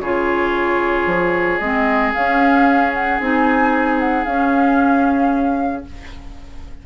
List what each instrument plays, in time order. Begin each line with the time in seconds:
0.00 bassoon C#3, clarinet F4, oboe G#4, flute C#5
1.06 bassoon F3
1.58 bassoon G#3, clarinet C4, flute D#5
2.13 clarinet C#4, bassoon C#4, flute F5
2.93 flute F#5
3.20 bassoon C4, clarinet D#4, flute G#5
4.00 flute F#5
4.24 bassoon C#4, clarinet C#4, flute F5